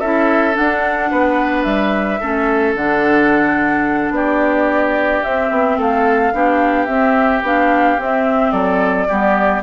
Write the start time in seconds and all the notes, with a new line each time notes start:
0.00 C#4 E4 A4 E5
0.53 D4 F#5
0.60 D4
1.11 B3 B4
1.63 G3 E5
2.20 A3 C#4 A4
2.75 D3 D4 F#5
4.10 B3 G4 D5
5.24 C4 E5
5.50 B3
5.78 A3 A4 F5
6.33 B3 D4 G4
6.86 C4 E5
7.43 B3 D4 F5
7.98 C4 E5
8.52 F#3 A4 D5
9.08 G3 B3 G4